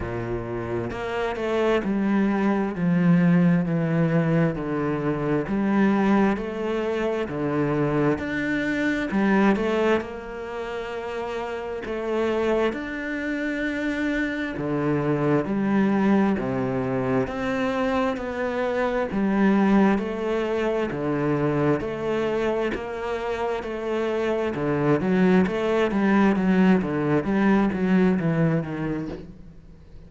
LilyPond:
\new Staff \with { instrumentName = "cello" } { \time 4/4 \tempo 4 = 66 ais,4 ais8 a8 g4 f4 | e4 d4 g4 a4 | d4 d'4 g8 a8 ais4~ | ais4 a4 d'2 |
d4 g4 c4 c'4 | b4 g4 a4 d4 | a4 ais4 a4 d8 fis8 | a8 g8 fis8 d8 g8 fis8 e8 dis8 | }